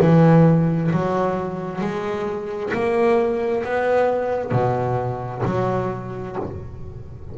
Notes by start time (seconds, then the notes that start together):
0.00 E3
0.91 F#3
1.81 G#3
2.73 A#3
3.64 B3
4.51 B2
5.45 F#3